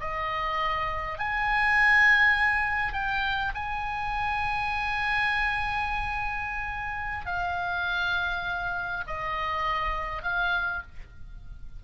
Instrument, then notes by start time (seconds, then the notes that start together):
oboe
0.00 D#5
1.18 G#5
2.93 G5
3.55 G#5
7.26 F5
9.07 D#5
10.23 F5